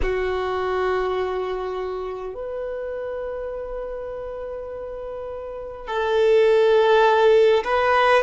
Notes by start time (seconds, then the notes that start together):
0.02 F#4
2.34 B4
5.87 A4
7.64 B4